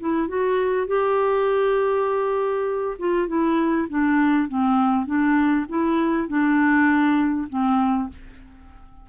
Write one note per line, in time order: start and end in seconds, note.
0.00 0.28 E4
0.28 0.87 F#4
0.87 2.97 G4
2.99 3.28 F4
3.28 3.88 E4
3.89 4.49 D4
4.49 5.06 C4
5.06 5.66 D4
5.69 6.28 E4
6.28 7.48 D4
7.50 8.10 C4